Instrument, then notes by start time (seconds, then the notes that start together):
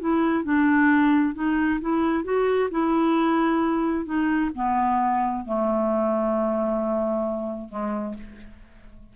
clarinet
0.00 E4
0.44 D4
1.35 D#4
1.81 E4
2.24 F#4
2.71 E4
4.05 D#4
4.55 B3
5.46 A3
7.69 G#3